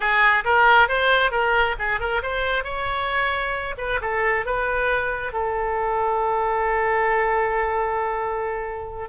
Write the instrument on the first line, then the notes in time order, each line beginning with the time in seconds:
oboe
0.00 G#4
0.44 A#4
0.88 C5
1.31 A#4
1.78 G#4
1.99 A#4
2.22 C5
2.63 C#5
3.77 B4
4.01 A4
4.45 B4
5.33 A4